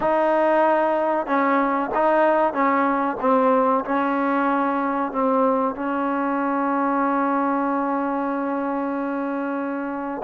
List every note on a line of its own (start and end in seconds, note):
0.00 1.26 D#4
1.26 1.90 C#4
1.94 2.53 D#4
2.53 3.17 C#4
3.20 3.84 C4
3.85 5.12 C#4
5.12 5.75 C4
5.75 10.22 C#4